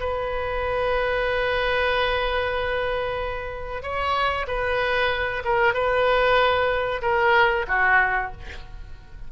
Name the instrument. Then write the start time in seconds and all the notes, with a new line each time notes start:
oboe
0.00 B4
3.83 C#5
4.48 B4
5.45 A#4
5.74 B4
7.02 A#4
7.68 F#4